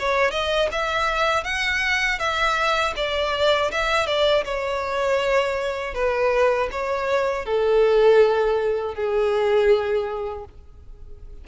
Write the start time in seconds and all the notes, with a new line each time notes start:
0.00 C#5
0.32 D#5
0.72 E5
1.45 F#5
2.20 E5
2.97 D5
3.72 E5
4.07 D5
4.45 C#5
5.95 B4
6.72 C#5
7.46 A4
8.95 G#4